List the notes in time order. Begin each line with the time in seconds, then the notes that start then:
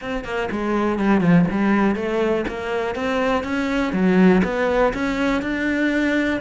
0.01 C4
0.24 A#3
0.51 G#3
0.99 G3
1.20 F3
1.50 G3
1.95 A3
2.48 A#3
2.95 C4
3.43 C#4
3.92 F#3
4.44 B3
4.93 C#4
5.42 D4